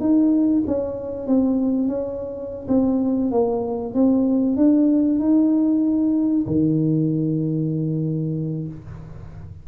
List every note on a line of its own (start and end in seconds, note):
0.00 0.63 D#4
0.67 1.27 C#4
1.27 1.88 C4
1.88 2.67 C#4
2.68 3.31 C4
3.31 3.94 A#3
3.94 4.56 C4
4.56 5.19 D4
5.19 6.45 D#4
6.46 8.67 D#3